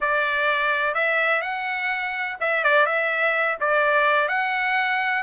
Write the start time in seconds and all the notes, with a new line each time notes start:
0.01 D5
0.94 E5
1.41 F#5
2.40 E5
2.63 D5
2.85 E5
3.60 D5
4.28 F#5